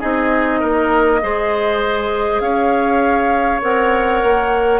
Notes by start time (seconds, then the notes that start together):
0.00 C4 D#4 G#4 D#5
0.60 A#3 A#4
1.22 G#3 G#4 C5
2.40 C#4 C#5 F5
3.62 C4 A#4 F#5
4.23 A#3